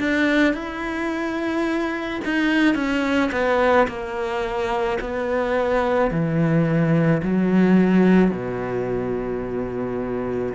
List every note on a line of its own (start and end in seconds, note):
0.00 0.54 D4
0.54 2.21 E4
2.25 2.75 D#4
2.75 3.31 C#4
3.32 3.87 B3
3.88 4.99 A#3
5.02 6.11 B3
6.11 7.22 E3
7.23 8.31 F#3
8.31 10.54 B2